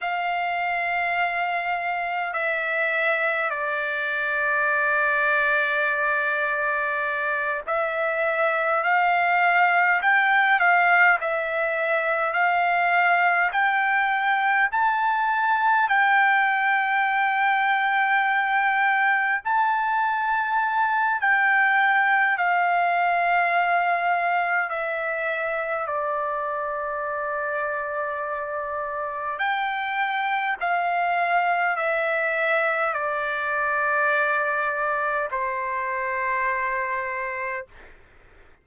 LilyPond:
\new Staff \with { instrumentName = "trumpet" } { \time 4/4 \tempo 4 = 51 f''2 e''4 d''4~ | d''2~ d''8 e''4 f''8~ | f''8 g''8 f''8 e''4 f''4 g''8~ | g''8 a''4 g''2~ g''8~ |
g''8 a''4. g''4 f''4~ | f''4 e''4 d''2~ | d''4 g''4 f''4 e''4 | d''2 c''2 | }